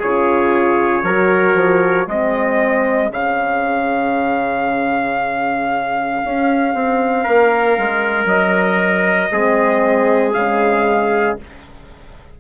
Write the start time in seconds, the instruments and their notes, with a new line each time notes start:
0.00 bassoon C#3, horn F4, trumpet G#4 C#5
1.03 bassoon F#3, horn F#4, trumpet A#4
1.55 bassoon F3
2.07 bassoon G#3, horn C4, trumpet G#4 D#5
3.11 bassoon C#3, horn C#4, trumpet F5
6.25 bassoon C#4
6.74 bassoon C4
7.23 bassoon A#3, trumpet A#4
7.78 bassoon G#3
8.26 bassoon F#3, trumpet D#5
9.31 bassoon G#3, horn C4, trumpet G#4
10.34 bassoon C#3, horn G#3, trumpet F5